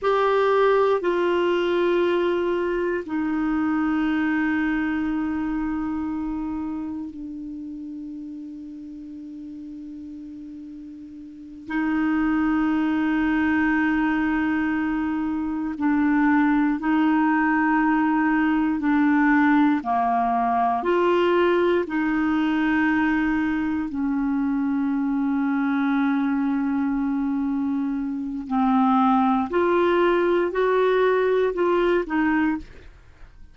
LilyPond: \new Staff \with { instrumentName = "clarinet" } { \time 4/4 \tempo 4 = 59 g'4 f'2 dis'4~ | dis'2. d'4~ | d'2.~ d'8 dis'8~ | dis'2.~ dis'8 d'8~ |
d'8 dis'2 d'4 ais8~ | ais8 f'4 dis'2 cis'8~ | cis'1 | c'4 f'4 fis'4 f'8 dis'8 | }